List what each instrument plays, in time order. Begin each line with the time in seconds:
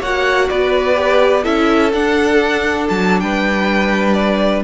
0.00 cello A#3, viola F#4, violin C#5 F#5
0.49 cello B3, violin B4 D5
0.95 viola G4
1.43 cello C#4, viola E4, violin A4 E5
1.93 viola D4, cello D4, violin F#5
2.88 cello F#3, violin A5
3.20 cello G3, violin B4 G5
4.13 violin D5